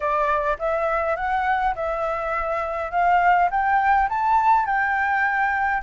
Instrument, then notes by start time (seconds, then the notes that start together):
flute
0.00 D5
0.58 E5
1.16 F#5
1.75 E5
2.91 F5
3.50 G5
4.09 A5
4.65 G5